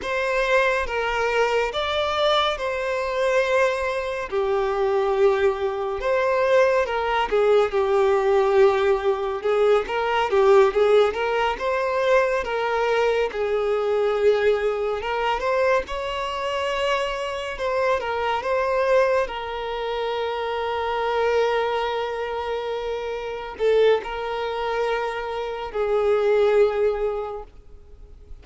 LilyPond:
\new Staff \with { instrumentName = "violin" } { \time 4/4 \tempo 4 = 70 c''4 ais'4 d''4 c''4~ | c''4 g'2 c''4 | ais'8 gis'8 g'2 gis'8 ais'8 | g'8 gis'8 ais'8 c''4 ais'4 gis'8~ |
gis'4. ais'8 c''8 cis''4.~ | cis''8 c''8 ais'8 c''4 ais'4.~ | ais'2.~ ais'8 a'8 | ais'2 gis'2 | }